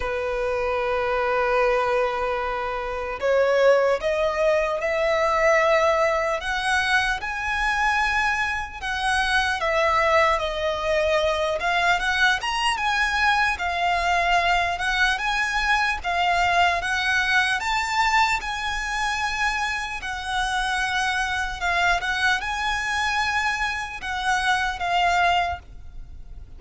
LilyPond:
\new Staff \with { instrumentName = "violin" } { \time 4/4 \tempo 4 = 75 b'1 | cis''4 dis''4 e''2 | fis''4 gis''2 fis''4 | e''4 dis''4. f''8 fis''8 ais''8 |
gis''4 f''4. fis''8 gis''4 | f''4 fis''4 a''4 gis''4~ | gis''4 fis''2 f''8 fis''8 | gis''2 fis''4 f''4 | }